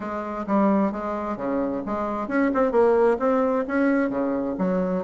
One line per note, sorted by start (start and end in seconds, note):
0.00 0.45 G#3
0.47 0.91 G3
0.91 1.36 G#3
1.36 1.82 C#3
1.86 2.28 G#3
2.28 2.51 C#4
2.54 2.71 C4
2.71 3.17 A#3
3.19 3.65 C4
3.67 4.09 C#4
4.09 4.55 C#3
4.58 5.04 F#3